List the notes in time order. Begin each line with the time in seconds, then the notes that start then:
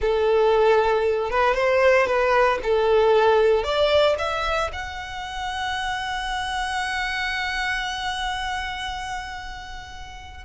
0.01 A4
1.30 B4
1.54 C5
2.06 B4
2.63 A4
3.63 D5
4.18 E5
4.72 F#5